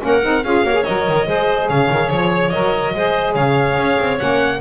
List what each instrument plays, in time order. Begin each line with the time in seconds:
0.00 double bass A#3, saxophone C#4, clarinet A#4, violin F#5
0.23 double bass C4, saxophone D#4
0.44 double bass C#4, saxophone F4, clarinet G#4, violin F5
0.64 double bass A#3, saxophone F#4, clarinet C#5
0.74 saxophone G#4
0.84 double bass F#3, saxophone A#4, violin D#5
1.08 double bass D#3
1.27 double bass G#3, saxophone G#4, clarinet C5
1.69 double bass C#3, clarinet C#5, violin F5
1.91 double bass D#3
2.10 double bass F3, violin C#5
2.50 double bass F#3, saxophone A#4, violin D#5
2.94 double bass G#3, saxophone G#4, clarinet C5
3.34 double bass C#3, clarinet C#5, violin F5
3.78 double bass C#4
4.00 double bass C4
4.18 double bass A#3, saxophone C#4, violin F#5